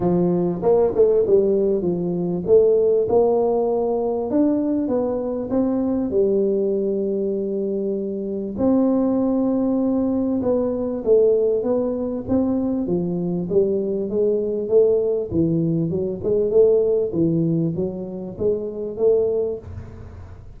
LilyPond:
\new Staff \with { instrumentName = "tuba" } { \time 4/4 \tempo 4 = 98 f4 ais8 a8 g4 f4 | a4 ais2 d'4 | b4 c'4 g2~ | g2 c'2~ |
c'4 b4 a4 b4 | c'4 f4 g4 gis4 | a4 e4 fis8 gis8 a4 | e4 fis4 gis4 a4 | }